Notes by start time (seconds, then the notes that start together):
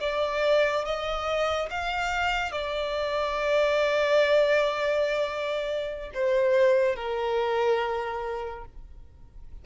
0.00 D5
0.85 D#5
1.70 F5
2.52 D5
6.14 C5
6.96 A#4